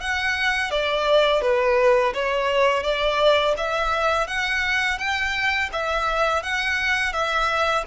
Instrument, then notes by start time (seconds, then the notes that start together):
violin
0.00 F#5
0.70 D5
1.41 B4
2.14 C#5
2.82 D5
3.57 E5
4.27 F#5
4.98 G5
5.72 E5
6.43 F#5
7.12 E5